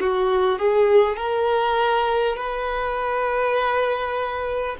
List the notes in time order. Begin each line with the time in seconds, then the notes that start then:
0.00 F#4
0.58 G#4
1.16 A#4
2.36 B4